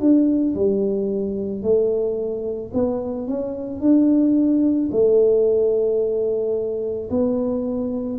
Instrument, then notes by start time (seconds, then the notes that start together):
tuba
0.00 D4
0.55 G3
1.62 A3
2.74 B3
3.28 C#4
3.80 D4
4.91 A3
7.10 B3